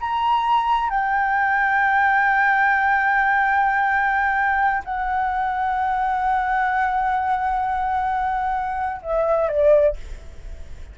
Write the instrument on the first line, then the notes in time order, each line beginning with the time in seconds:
flute
0.00 A#5
0.90 G5
4.84 F#5
9.02 E5
9.48 D5